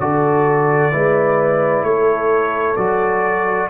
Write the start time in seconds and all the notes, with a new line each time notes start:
0.00 D3 F#4 A4 D5
0.92 G#3 E4 B4
1.83 A3 A4 C#5
2.77 F#3 F#4 D5